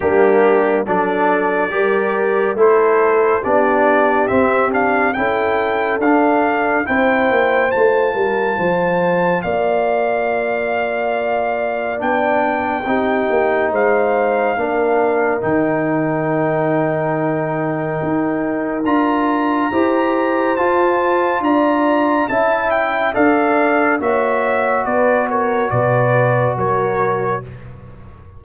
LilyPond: <<
  \new Staff \with { instrumentName = "trumpet" } { \time 4/4 \tempo 4 = 70 g'4 d''2 c''4 | d''4 e''8 f''8 g''4 f''4 | g''4 a''2 f''4~ | f''2 g''2 |
f''2 g''2~ | g''2 ais''2 | a''4 ais''4 a''8 g''8 f''4 | e''4 d''8 cis''8 d''4 cis''4 | }
  \new Staff \with { instrumentName = "horn" } { \time 4/4 d'4 a'4 ais'4 a'4 | g'2 a'2 | c''4. ais'8 c''4 d''4~ | d''2. g'4 |
c''4 ais'2.~ | ais'2. c''4~ | c''4 d''4 e''4 d''4 | cis''4 b'8 ais'8 b'4 ais'4 | }
  \new Staff \with { instrumentName = "trombone" } { \time 4/4 ais4 d'4 g'4 e'4 | d'4 c'8 d'8 e'4 d'4 | e'4 f'2.~ | f'2 d'4 dis'4~ |
dis'4 d'4 dis'2~ | dis'2 f'4 g'4 | f'2 e'4 a'4 | fis'1 | }
  \new Staff \with { instrumentName = "tuba" } { \time 4/4 g4 fis4 g4 a4 | b4 c'4 cis'4 d'4 | c'8 ais8 a8 g8 f4 ais4~ | ais2 b4 c'8 ais8 |
gis4 ais4 dis2~ | dis4 dis'4 d'4 e'4 | f'4 d'4 cis'4 d'4 | ais4 b4 b,4 fis4 | }
>>